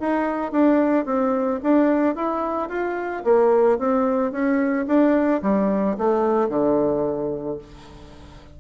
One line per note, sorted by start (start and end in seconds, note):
0.00 0.52 D#4
0.52 1.06 D4
1.06 1.60 C4
1.63 2.15 D4
2.15 2.69 E4
2.69 3.24 F4
3.24 3.79 A#3
3.79 4.32 C4
4.32 4.86 C#4
4.87 5.41 D4
5.42 5.97 G3
5.98 6.49 A3
6.49 7.58 D3